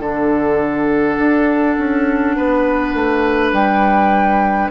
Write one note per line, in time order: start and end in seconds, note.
0.00 1.18 D3
0.00 4.71 D4
0.00 2.37 A4
0.00 3.53 F#5
1.18 1.77 D4
1.78 2.37 C#4
2.37 2.94 B3
2.37 4.71 B4
2.94 3.53 A3
3.53 4.71 G3
3.53 4.71 G5